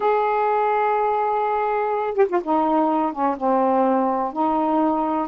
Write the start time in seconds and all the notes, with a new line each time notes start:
0.00 G#4
2.14 G4
2.28 F4
2.43 D#4
3.12 C#4
3.37 C4
4.32 D#4